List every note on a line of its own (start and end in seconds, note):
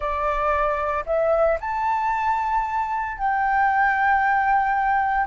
0.00 1.04 D5
1.05 1.58 E5
1.60 3.18 A5
3.18 5.26 G5